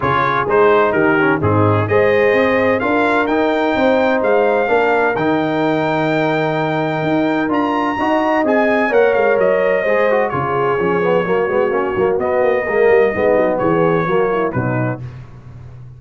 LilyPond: <<
  \new Staff \with { instrumentName = "trumpet" } { \time 4/4 \tempo 4 = 128 cis''4 c''4 ais'4 gis'4 | dis''2 f''4 g''4~ | g''4 f''2 g''4~ | g''1 |
ais''2 gis''4 fis''8 f''8 | dis''2 cis''2~ | cis''2 dis''2~ | dis''4 cis''2 b'4 | }
  \new Staff \with { instrumentName = "horn" } { \time 4/4 gis'2 g'4 dis'4 | c''2 ais'2 | c''2 ais'2~ | ais'1~ |
ais'4 dis''2 cis''4~ | cis''4 c''4 gis'2 | fis'2. ais'4 | dis'4 gis'4 fis'8 e'8 dis'4 | }
  \new Staff \with { instrumentName = "trombone" } { \time 4/4 f'4 dis'4. cis'8 c'4 | gis'2 f'4 dis'4~ | dis'2 d'4 dis'4~ | dis'1 |
f'4 fis'4 gis'4 ais'4~ | ais'4 gis'8 fis'8 f'4 cis'8 b8 | ais8 b8 cis'8 ais8 b4 ais4 | b2 ais4 fis4 | }
  \new Staff \with { instrumentName = "tuba" } { \time 4/4 cis4 gis4 dis4 gis,4 | gis4 c'4 d'4 dis'4 | c'4 gis4 ais4 dis4~ | dis2. dis'4 |
d'4 dis'4 c'4 ais8 gis8 | fis4 gis4 cis4 f4 | fis8 gis8 ais8 fis8 b8 ais8 gis8 g8 | gis8 fis8 e4 fis4 b,4 | }
>>